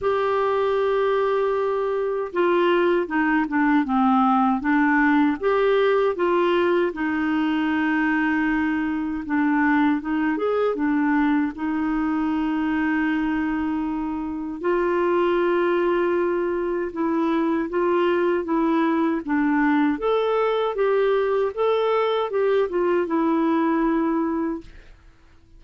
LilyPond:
\new Staff \with { instrumentName = "clarinet" } { \time 4/4 \tempo 4 = 78 g'2. f'4 | dis'8 d'8 c'4 d'4 g'4 | f'4 dis'2. | d'4 dis'8 gis'8 d'4 dis'4~ |
dis'2. f'4~ | f'2 e'4 f'4 | e'4 d'4 a'4 g'4 | a'4 g'8 f'8 e'2 | }